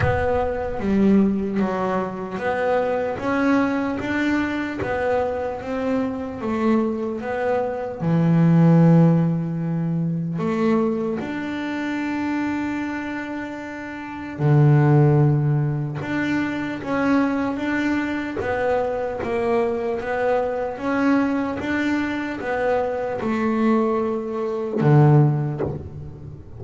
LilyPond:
\new Staff \with { instrumentName = "double bass" } { \time 4/4 \tempo 4 = 75 b4 g4 fis4 b4 | cis'4 d'4 b4 c'4 | a4 b4 e2~ | e4 a4 d'2~ |
d'2 d2 | d'4 cis'4 d'4 b4 | ais4 b4 cis'4 d'4 | b4 a2 d4 | }